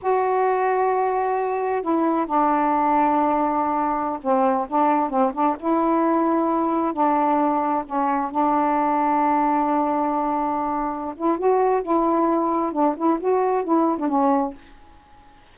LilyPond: \new Staff \with { instrumentName = "saxophone" } { \time 4/4 \tempo 4 = 132 fis'1 | e'4 d'2.~ | d'4~ d'16 c'4 d'4 c'8 d'16~ | d'16 e'2. d'8.~ |
d'4~ d'16 cis'4 d'4.~ d'16~ | d'1~ | d'8 e'8 fis'4 e'2 | d'8 e'8 fis'4 e'8. d'16 cis'4 | }